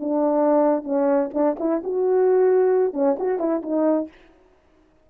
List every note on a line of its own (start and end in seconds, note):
0.00 0.84 D4
0.84 1.30 C#4
1.34 1.57 D4
1.59 1.82 E4
1.84 2.94 F#4
2.94 3.16 C#4
3.19 3.39 F#4
3.39 3.62 E4
3.62 4.08 D#4